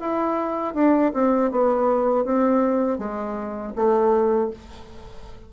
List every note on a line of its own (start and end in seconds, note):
0.00 0.74 E4
0.74 1.12 D4
1.14 1.51 C4
1.51 2.25 B3
2.25 2.98 C4
2.98 3.73 G#3
3.75 4.50 A3